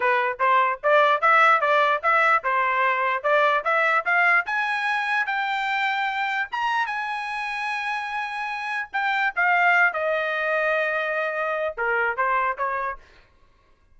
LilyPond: \new Staff \with { instrumentName = "trumpet" } { \time 4/4 \tempo 4 = 148 b'4 c''4 d''4 e''4 | d''4 e''4 c''2 | d''4 e''4 f''4 gis''4~ | gis''4 g''2. |
ais''4 gis''2.~ | gis''2 g''4 f''4~ | f''8 dis''2.~ dis''8~ | dis''4 ais'4 c''4 cis''4 | }